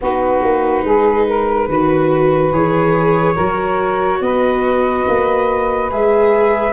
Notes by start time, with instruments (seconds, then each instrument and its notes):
0.01 tuba B3, viola D#4, saxophone F#4, flute B4
0.42 tuba A#3
0.83 tuba G#3, saxophone G#4
1.27 saxophone A#4
1.68 tuba D#3, viola F#4, saxophone B4
2.51 tuba E3, viola G#4, flute C#5
3.34 tuba F#3, viola F#4, saxophone A#4
4.20 tuba B3, saxophone B4, flute D#5
5.07 tuba A#3
5.90 tuba G#3, viola G#4, flute E5